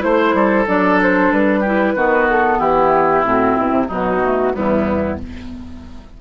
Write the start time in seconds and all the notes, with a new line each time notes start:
0.00 A3 E4 C5
0.34 G3 A4
0.67 F#3 D4 D5
1.03 C5
1.32 G3 B4
1.60 E4 G4
1.96 D#3 B3 F#4
2.30 A4
2.59 E3 E4 G4
3.24 A2 C4 F#4
3.56 B2 E4
3.71 C3
3.88 B2 F#3 D#4 F#4
4.24 A3
4.54 E2 G3 B3 E4